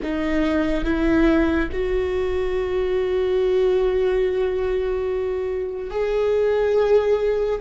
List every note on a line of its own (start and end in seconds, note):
0.02 0.84 D#4
0.84 1.69 E4
1.72 5.90 F#4
5.90 7.59 G#4